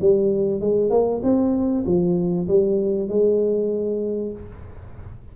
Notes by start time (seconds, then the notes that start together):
0.00 G3
0.60 G#3
0.90 A#3
1.23 C4
1.85 F3
2.47 G3
3.08 G#3